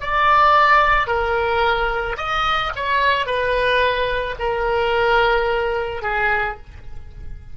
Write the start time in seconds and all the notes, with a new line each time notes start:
0.00 D5
1.07 A#4
2.17 D#5
2.75 C#5
3.26 B4
4.39 A#4
6.02 G#4